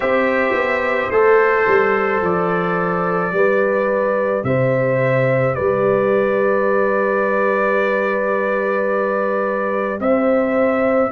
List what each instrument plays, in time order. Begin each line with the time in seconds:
0.00 tuba C4, trombone G4, horn C5, trumpet E5
0.52 tuba B3
1.10 tuba A3, trombone A4, trumpet C5
1.67 tuba G3
2.21 tuba F3, trumpet D5
3.31 tuba G3, trombone G4, horn B4
4.43 tuba C3, horn C5, trumpet E5
5.54 tuba G3, horn B4, trumpet D5
9.99 tuba C4, horn C5, trumpet E5